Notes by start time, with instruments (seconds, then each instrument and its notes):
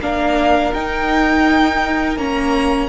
0.00 cello A#3, viola D4, violin A#4 F5
0.73 cello D#4, viola D#4, violin G5
2.17 cello A#3, viola C#4, violin A#5